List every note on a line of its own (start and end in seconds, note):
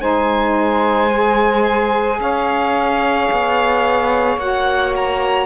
0.00 2.19 G#3
0.00 1.09 D#4
0.00 2.18 C5
0.00 2.19 G#5
1.14 4.39 G#4
2.19 3.28 C#4
2.19 5.46 C#5
2.19 4.39 F5
3.31 4.36 B3
4.36 5.45 A#3
4.36 5.46 F#4
4.36 4.93 F#5
4.95 5.46 A#5